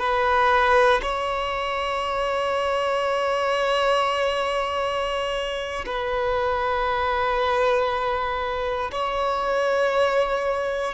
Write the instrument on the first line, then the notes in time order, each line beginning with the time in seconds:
violin
0.00 B4
1.03 C#5
5.86 B4
8.92 C#5